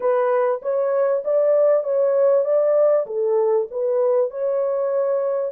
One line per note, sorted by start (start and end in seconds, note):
0.00 0.61 B4
0.62 1.23 C#5
1.24 1.83 D5
1.83 2.44 C#5
2.44 3.06 D5
3.06 3.67 A4
3.70 4.30 B4
4.30 5.51 C#5